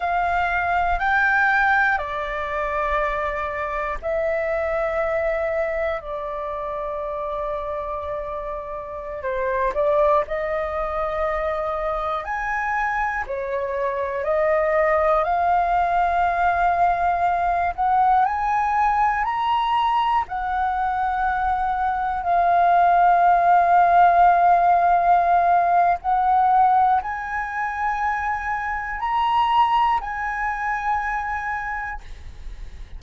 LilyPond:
\new Staff \with { instrumentName = "flute" } { \time 4/4 \tempo 4 = 60 f''4 g''4 d''2 | e''2 d''2~ | d''4~ d''16 c''8 d''8 dis''4.~ dis''16~ | dis''16 gis''4 cis''4 dis''4 f''8.~ |
f''4.~ f''16 fis''8 gis''4 ais''8.~ | ais''16 fis''2 f''4.~ f''16~ | f''2 fis''4 gis''4~ | gis''4 ais''4 gis''2 | }